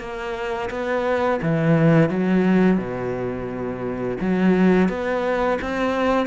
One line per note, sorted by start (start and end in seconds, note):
0.00 0.70 A#3
0.70 1.40 B3
1.42 2.10 E3
2.10 2.78 F#3
2.78 4.17 B2
4.21 4.89 F#3
4.89 5.59 B3
5.62 6.27 C4